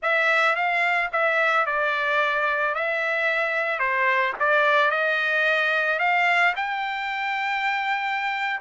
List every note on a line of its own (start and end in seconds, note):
0.02 0.55 E5
0.55 1.10 F5
1.12 1.66 E5
1.66 2.74 D5
2.74 3.79 E5
3.79 4.33 C5
4.39 4.90 D5
4.90 5.99 D#5
5.99 6.53 F5
6.56 8.60 G5